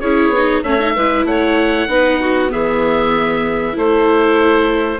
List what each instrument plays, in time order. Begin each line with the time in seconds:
0.00 bassoon C#4, viola E4, clarinet G#4, oboe C#5
0.29 bassoon B3
0.36 viola D#4
0.63 bassoon A3, viola C#4, clarinet C#5, oboe E5
0.79 viola D#4
0.95 bassoon G#3, viola E4, clarinet B4
1.24 bassoon A3, clarinet C#5, oboe F#5
1.88 bassoon B3, viola D#4, clarinet B4
2.20 clarinet F#4
2.49 bassoon E3, viola B3, clarinet G#4, oboe E5
3.73 bassoon A3, viola E4, clarinet A4, oboe C5